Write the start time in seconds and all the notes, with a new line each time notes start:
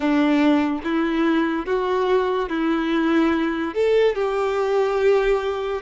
0.00 D4
0.83 E4
1.66 F#4
2.49 E4
3.74 A4
4.15 G4